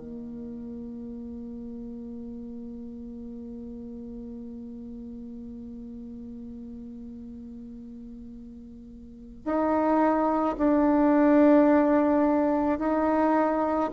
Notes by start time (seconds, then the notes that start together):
0.00 A#3
9.45 D#4
10.58 D4
12.79 D#4